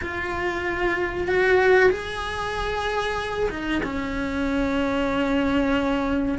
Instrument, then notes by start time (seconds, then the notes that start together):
cello
0.01 F4
1.27 F#4
1.90 G#4
3.50 D#4
3.83 C#4